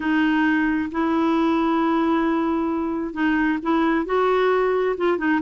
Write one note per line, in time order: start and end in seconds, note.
0.00 0.89 D#4
0.91 3.13 E4
3.13 3.58 D#4
3.62 4.05 E4
4.05 4.96 F#4
4.97 5.18 F4
5.18 5.40 D#4